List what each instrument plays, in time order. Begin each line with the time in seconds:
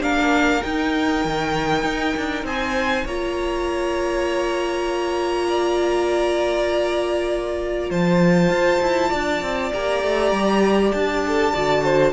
0.00 cello A#3, viola D4, violin A#4 F5
0.62 viola D#4, cello D#4, violin G5
1.24 cello D#3
1.83 cello D#4
2.16 cello D4
2.43 cello C4, violin C5 G#5
3.04 cello A#3, viola F4, violin C#5 A#5
5.48 violin D5
7.89 cello F3, violin C5 A5
8.49 cello F4
8.81 cello E4
9.09 cello D4, violin D5
9.42 cello C4
9.73 cello A#3, viola G4, violin A#5
10.03 cello A3
10.31 cello G3
10.91 cello D4, violin A5
11.26 violin A4
11.53 cello D3, viola F#4, violin D5
11.83 violin C5